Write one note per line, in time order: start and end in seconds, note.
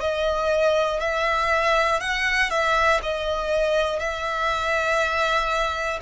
0.00 1.00 D#5
1.00 2.00 E5
2.00 2.50 F#5
2.50 3.00 E5
3.03 4.00 D#5
4.00 6.00 E5